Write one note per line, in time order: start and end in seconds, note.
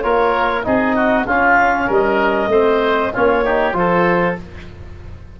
0.00 0.65 A#3
0.00 0.63 F4
0.00 0.65 A#4
0.00 0.62 C#5
0.63 1.26 C4
0.63 1.25 D#4
0.63 0.95 G#4
0.63 1.25 D#5
0.95 1.26 F#4
1.26 1.88 C#4
1.26 2.50 C#4
1.26 1.86 F4
1.26 1.90 F5
1.86 2.47 G3
1.86 2.48 A#4
1.86 3.13 D#5
2.47 3.09 A3
2.47 3.12 C4
2.47 3.13 C5
3.13 3.73 A#3
3.13 3.44 C#4
3.13 3.44 F4
3.13 3.74 C#5
3.44 3.73 D#4
3.44 3.76 G4
3.73 4.35 F3
3.73 4.35 F4
3.73 4.40 A4
3.73 4.35 C5